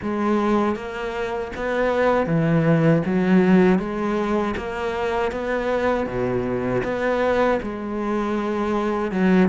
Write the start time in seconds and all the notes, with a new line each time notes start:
0.02 G#3
0.75 A#3
1.56 B3
2.26 E3
3.06 F#3
3.78 G#3
4.56 A#3
5.31 B3
6.06 B2
6.83 B3
7.62 G#3
9.11 F#3